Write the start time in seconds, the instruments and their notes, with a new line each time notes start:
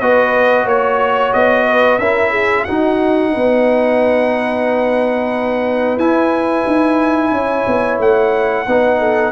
0.00 tuba B3, trombone F#4, horn B4, trumpet D#5
0.64 tuba A#3, horn C#5, trumpet C#5
1.33 tuba B3, trumpet D#5
1.67 horn B4
1.98 tuba C#4, trombone E4, horn A#4, trumpet E5
2.30 horn G#4
2.64 trombone D#4, tuba D#4, horn F#4, trumpet F#5
3.33 tuba B3, horn B4
5.97 tuba E4, trombone E4, trumpet G#5
6.67 tuba D#4
7.31 tuba C#4, horn C#5
7.67 tuba B3
7.99 tuba A3, trumpet F#5
8.67 tuba B3, trombone D#4, horn B4
8.99 horn A4